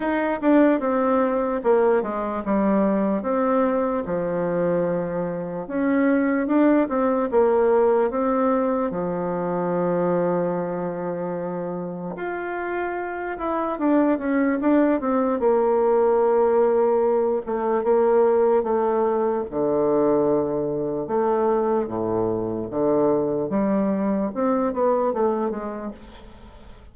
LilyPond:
\new Staff \with { instrumentName = "bassoon" } { \time 4/4 \tempo 4 = 74 dis'8 d'8 c'4 ais8 gis8 g4 | c'4 f2 cis'4 | d'8 c'8 ais4 c'4 f4~ | f2. f'4~ |
f'8 e'8 d'8 cis'8 d'8 c'8 ais4~ | ais4. a8 ais4 a4 | d2 a4 a,4 | d4 g4 c'8 b8 a8 gis8 | }